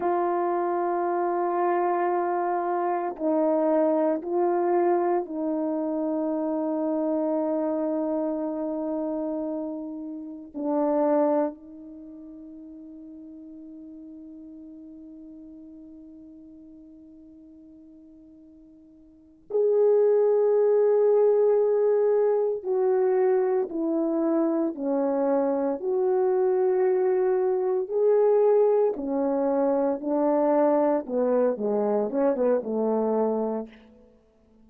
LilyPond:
\new Staff \with { instrumentName = "horn" } { \time 4/4 \tempo 4 = 57 f'2. dis'4 | f'4 dis'2.~ | dis'2 d'4 dis'4~ | dis'1~ |
dis'2~ dis'8 gis'4.~ | gis'4. fis'4 e'4 cis'8~ | cis'8 fis'2 gis'4 cis'8~ | cis'8 d'4 b8 gis8 cis'16 b16 a4 | }